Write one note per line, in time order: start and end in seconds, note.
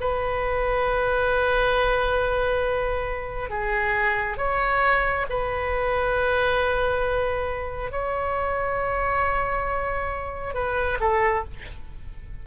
0.00 3.49 B4
3.49 4.37 G#4
4.37 5.25 C#5
5.29 7.91 B4
7.91 10.54 C#5
10.54 10.98 B4
11.00 11.44 A4